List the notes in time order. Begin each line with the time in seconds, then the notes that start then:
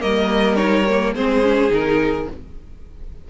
0.00 G3 A#3 A#4 D#5
0.56 D#4 C#5
0.90 A#3
1.14 G#3 C4 G#4 C5
1.43 C#4
1.69 D#3 D#4 A#4